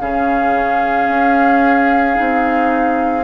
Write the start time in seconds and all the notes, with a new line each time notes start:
0.00 C#3 C#4 G#4 F5
1.08 C#4
2.15 C4 D#4